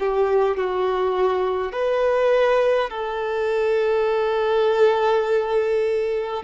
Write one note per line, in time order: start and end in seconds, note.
0.00 0.57 G4
0.57 1.72 F#4
1.72 2.90 B4
2.90 6.43 A4